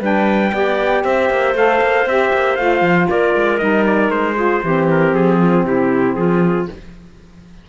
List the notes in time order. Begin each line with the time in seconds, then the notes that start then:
0.00 G3 D4 B4 G5
0.52 B3 G4 D5
1.04 C4 C5 E5
1.30 A#3
1.54 A3 A4 F5
1.81 A#3
2.05 C4 G4 E5
2.33 A#3
2.56 A3 F4 F5
2.81 F3
3.09 A#3 A#4 D5
3.35 G#3
3.58 G3 D#4 D#5
3.86 D5
4.09 G#3 C5
4.36 F4 G#4
4.63 E3 C4 G4
4.91 A#4
5.13 F3 G#4
5.38 F4
5.64 C3 E4 G4
6.15 F3 F4 G#4